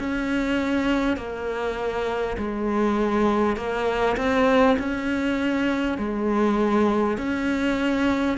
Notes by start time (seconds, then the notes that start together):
0.00 C#4
1.17 A#3
2.38 G#3
3.57 A#3
4.17 C4
4.79 C#4
5.99 G#3
7.18 C#4